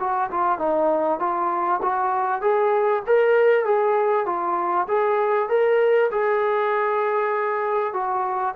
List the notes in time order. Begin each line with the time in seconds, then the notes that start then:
0.00 F#4
0.31 F4
0.59 D#4
1.20 F4
1.83 F#4
2.42 G#4
3.07 A#4
3.65 G#4
4.26 F4
4.88 G#4
5.49 A#4
6.11 G#4
7.93 F#4